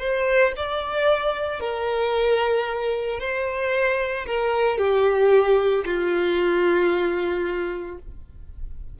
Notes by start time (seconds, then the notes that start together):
0.00 C5
0.57 D5
1.60 A#4
3.20 C5
4.26 A#4
4.78 G4
5.86 F4